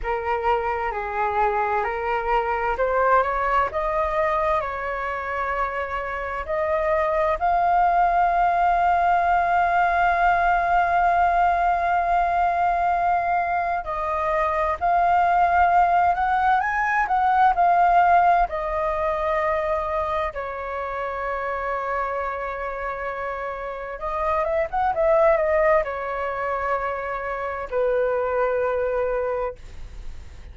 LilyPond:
\new Staff \with { instrumentName = "flute" } { \time 4/4 \tempo 4 = 65 ais'4 gis'4 ais'4 c''8 cis''8 | dis''4 cis''2 dis''4 | f''1~ | f''2. dis''4 |
f''4. fis''8 gis''8 fis''8 f''4 | dis''2 cis''2~ | cis''2 dis''8 e''16 fis''16 e''8 dis''8 | cis''2 b'2 | }